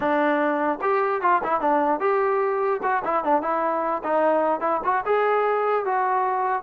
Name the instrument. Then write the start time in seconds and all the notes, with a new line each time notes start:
trombone
0.00 D4
0.81 G4
1.21 F4
1.43 E4
1.60 D4
2.00 G4
2.82 F#4
3.04 E4
3.24 D4
3.41 E4
4.03 D#4
4.60 E4
4.84 F#4
5.05 G#4
5.85 F#4